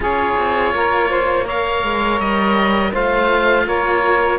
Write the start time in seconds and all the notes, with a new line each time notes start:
0.00 C#4 F4 G#4 C#5
0.37 C4
0.73 A#3 A#4
1.09 C5
1.45 A#4 C#5 F5
1.83 G#3
2.19 G3 D#5
2.92 A3 F4 C5 F5
3.66 A#3 A#4 C#5